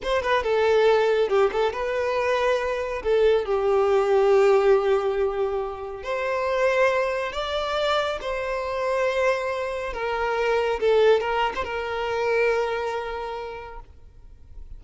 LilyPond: \new Staff \with { instrumentName = "violin" } { \time 4/4 \tempo 4 = 139 c''8 b'8 a'2 g'8 a'8 | b'2. a'4 | g'1~ | g'2 c''2~ |
c''4 d''2 c''4~ | c''2. ais'4~ | ais'4 a'4 ais'8. c''16 ais'4~ | ais'1 | }